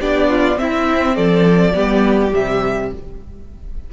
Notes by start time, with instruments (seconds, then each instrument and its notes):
0.00 cello B3, viola D4, violin G4 D5
0.29 violin F4
0.55 viola C4, cello C4, violin E4 E5
1.16 cello F3, violin A4 D5
1.74 cello G3, viola B3, violin G4
2.33 cello C3, viola G3, violin E5